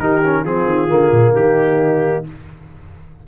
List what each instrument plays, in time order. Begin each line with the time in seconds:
0.00 tuba D#3, trombone D#4, horn G4, trumpet A#4
0.24 trombone C#4
0.43 tuba F3, trombone C4, horn F4, trumpet G#4
0.65 tuba D#3
0.89 tuba D3, trombone A#3
1.11 tuba A#2
1.35 tuba D#3, horn D#4, trumpet G4